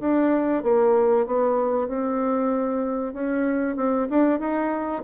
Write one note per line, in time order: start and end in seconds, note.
0.00 0.63 D4
0.63 1.26 A#3
1.26 1.88 B3
1.88 3.13 C4
3.13 3.76 C#4
3.76 4.08 C4
4.10 4.39 D4
4.39 5.02 D#4